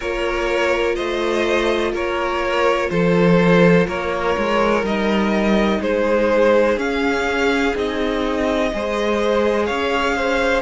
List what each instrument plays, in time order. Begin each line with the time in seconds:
0.00 cello A#3, viola F4, violin A#4 C#5
0.95 cello A3, violin C5 D#5
1.92 cello A#3, violin A#4 C#5
2.90 cello F3, violin A4 C5
3.86 cello A#3, violin A#4 C#5
4.37 cello G#3
4.82 cello G3, viola D#4, violin D#5
5.80 cello G#3, violin G#4 C5
6.77 cello C#4, viola C#4, violin F5
7.75 cello C4, viola D#4, violin D#5
8.72 cello G#3, viola G#4, violin C5
9.66 cello C#4, violin C#5 F5
10.16 violin C5